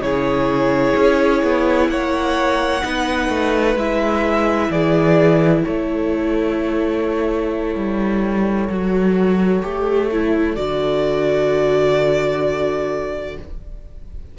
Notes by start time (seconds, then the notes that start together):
0.00 C#3 E4 G#4 C#5
0.96 C#4
1.43 B3
1.89 A#3 C#5 F#5
2.82 B3 D#4 B4
3.29 A3
3.76 G#3 E4 E5
4.70 E3 G#4 D5
5.64 A3 A4 C#5
7.75 G3
8.69 F#3 F#4
9.63 A3 G4
10.12 E4
10.56 D3 F#4 D5